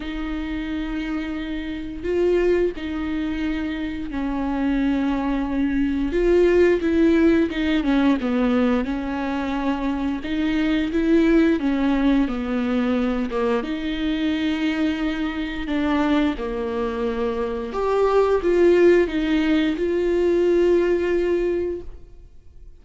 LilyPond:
\new Staff \with { instrumentName = "viola" } { \time 4/4 \tempo 4 = 88 dis'2. f'4 | dis'2 cis'2~ | cis'4 f'4 e'4 dis'8 cis'8 | b4 cis'2 dis'4 |
e'4 cis'4 b4. ais8 | dis'2. d'4 | ais2 g'4 f'4 | dis'4 f'2. | }